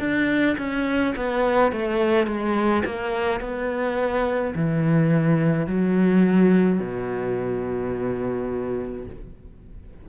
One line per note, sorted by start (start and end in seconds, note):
0.00 0.57 D4
0.58 1.15 C#4
1.16 1.72 B3
1.72 2.27 A3
2.27 2.84 G#3
2.86 3.41 A#3
3.41 4.54 B3
4.55 5.67 E3
5.67 6.80 F#3
6.80 9.06 B2